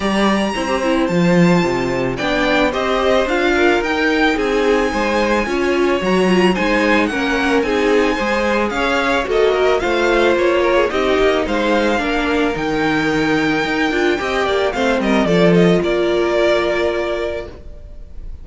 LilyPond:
<<
  \new Staff \with { instrumentName = "violin" } { \time 4/4 \tempo 4 = 110 ais''2 a''2 | g''4 dis''4 f''4 g''4 | gis''2. ais''4 | gis''4 fis''4 gis''2 |
f''4 dis''4 f''4 cis''4 | dis''4 f''2 g''4~ | g''2. f''8 dis''8 | d''8 dis''8 d''2. | }
  \new Staff \with { instrumentName = "violin" } { \time 4/4 d''4 c''2. | d''4 c''4. ais'4. | gis'4 c''4 cis''2 | c''4 ais'4 gis'4 c''4 |
cis''4 a'8 ais'8 c''4. ais'16 gis'16 | g'4 c''4 ais'2~ | ais'2 dis''8 d''8 c''8 ais'8 | a'4 ais'2. | }
  \new Staff \with { instrumentName = "viola" } { \time 4/4 g'4 e'16 g'16 e'8 f'2 | d'4 g'4 f'4 dis'4~ | dis'2 f'4 fis'8 f'8 | dis'4 cis'4 dis'4 gis'4~ |
gis'4 fis'4 f'2 | dis'2 d'4 dis'4~ | dis'4. f'8 g'4 c'4 | f'1 | }
  \new Staff \with { instrumentName = "cello" } { \time 4/4 g4 c'4 f4 c4 | b4 c'4 d'4 dis'4 | c'4 gis4 cis'4 fis4 | gis4 ais4 c'4 gis4 |
cis'4 ais4 a4 ais4 | c'8 ais8 gis4 ais4 dis4~ | dis4 dis'8 d'8 c'8 ais8 a8 g8 | f4 ais2. | }
>>